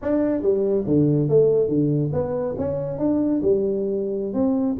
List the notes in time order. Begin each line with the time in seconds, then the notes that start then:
0.01 D4
0.42 G3
0.86 D3
1.28 A3
1.68 D3
2.12 B3
2.58 C#4
2.98 D4
3.42 G3
4.33 C4